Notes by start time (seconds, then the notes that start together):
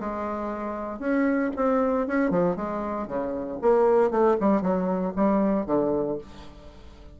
0.00 G#3
0.99 C#4
1.56 C4
2.07 C#4
2.30 F3
2.56 G#3
3.08 C#3
3.61 A#3
4.11 A3
4.40 G3
4.62 F#3
5.16 G3
5.66 D3